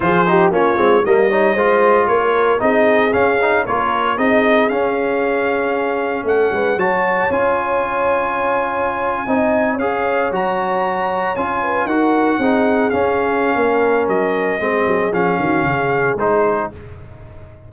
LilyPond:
<<
  \new Staff \with { instrumentName = "trumpet" } { \time 4/4 \tempo 4 = 115 c''4 cis''4 dis''2 | cis''4 dis''4 f''4 cis''4 | dis''4 f''2. | fis''4 a''4 gis''2~ |
gis''2~ gis''8. f''4 ais''16~ | ais''4.~ ais''16 gis''4 fis''4~ fis''16~ | fis''8. f''2~ f''16 dis''4~ | dis''4 f''2 c''4 | }
  \new Staff \with { instrumentName = "horn" } { \time 4/4 gis'8 g'8 f'4 ais'8 cis''8 c''4 | ais'4 gis'2 ais'4 | gis'1 | a'8 b'8 cis''2.~ |
cis''4.~ cis''16 dis''4 cis''4~ cis''16~ | cis''2~ cis''16 b'8 ais'4 gis'16~ | gis'2 ais'2 | gis'4. fis'8 gis'2 | }
  \new Staff \with { instrumentName = "trombone" } { \time 4/4 f'8 dis'8 cis'8 c'8 ais8 dis'8 f'4~ | f'4 dis'4 cis'8 dis'8 f'4 | dis'4 cis'2.~ | cis'4 fis'4 f'2~ |
f'4.~ f'16 dis'4 gis'4 fis'16~ | fis'4.~ fis'16 f'4 fis'4 dis'16~ | dis'8. cis'2.~ cis'16 | c'4 cis'2 dis'4 | }
  \new Staff \with { instrumentName = "tuba" } { \time 4/4 f4 ais8 gis8 g4 gis4 | ais4 c'4 cis'4 ais4 | c'4 cis'2. | a8 gis8 fis4 cis'2~ |
cis'4.~ cis'16 c'4 cis'4 fis16~ | fis4.~ fis16 cis'4 dis'4 c'16~ | c'8. cis'4~ cis'16 ais4 fis4 | gis8 fis8 f8 dis8 cis4 gis4 | }
>>